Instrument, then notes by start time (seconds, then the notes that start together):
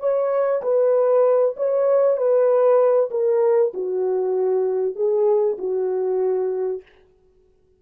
horn
0.00 C#5
0.62 B4
1.57 C#5
2.17 B4
3.11 A#4
3.74 F#4
4.95 G#4
5.58 F#4